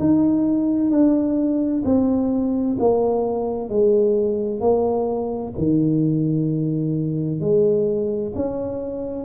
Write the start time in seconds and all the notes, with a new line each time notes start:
0.00 D#4
0.91 D4
1.85 C4
2.80 A#3
3.70 G#3
4.61 A#3
5.58 D#3
7.41 G#3
8.36 C#4